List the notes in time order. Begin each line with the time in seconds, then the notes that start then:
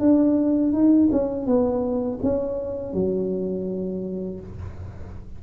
0.00 D4
0.73 D#4
1.12 C#4
1.46 B3
2.23 C#4
2.93 F#3